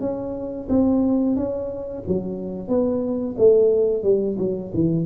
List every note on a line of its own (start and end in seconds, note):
0.00 0.67 C#4
0.69 1.36 C4
1.36 2.03 C#4
2.07 2.68 F#3
2.68 3.35 B3
3.37 4.03 A3
4.03 4.37 G3
4.38 4.72 F#3
4.73 5.05 E3